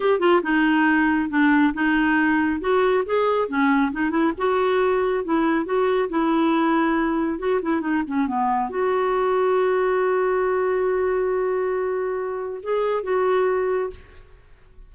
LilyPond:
\new Staff \with { instrumentName = "clarinet" } { \time 4/4 \tempo 4 = 138 g'8 f'8 dis'2 d'4 | dis'2 fis'4 gis'4 | cis'4 dis'8 e'8 fis'2 | e'4 fis'4 e'2~ |
e'4 fis'8 e'8 dis'8 cis'8 b4 | fis'1~ | fis'1~ | fis'4 gis'4 fis'2 | }